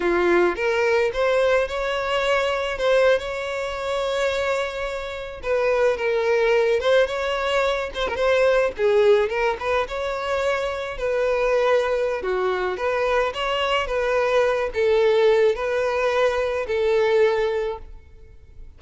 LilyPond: \new Staff \with { instrumentName = "violin" } { \time 4/4 \tempo 4 = 108 f'4 ais'4 c''4 cis''4~ | cis''4 c''8. cis''2~ cis''16~ | cis''4.~ cis''16 b'4 ais'4~ ais'16~ | ais'16 c''8 cis''4. c''16 ais'16 c''4 gis'16~ |
gis'8. ais'8 b'8 cis''2 b'16~ | b'2 fis'4 b'4 | cis''4 b'4. a'4. | b'2 a'2 | }